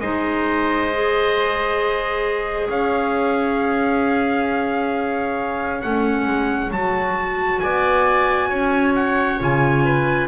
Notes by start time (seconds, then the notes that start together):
0.00 G#3 D#4 C5 D#5
0.93 G#4
2.68 C#4 C#5 F5
5.81 A3 C#4 F#5
6.26 G#3
6.71 F#3 F#4 A5
7.59 B3 D5 G#5
8.49 C#4 C#5
8.95 F#5
9.39 C#3 F4 G#5
9.84 B4